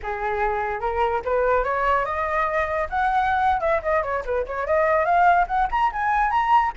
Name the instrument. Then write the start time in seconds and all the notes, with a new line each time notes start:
flute
0.02 G#4
0.80 A#4
1.24 B4
1.64 C#5
2.05 D#5
2.89 F#5
3.60 E5
3.82 D#5
4.03 C#5
4.25 B4
4.46 C#5
4.66 D#5
5.05 F5
5.47 F#5
5.71 A#5
5.92 G#5
6.30 A#5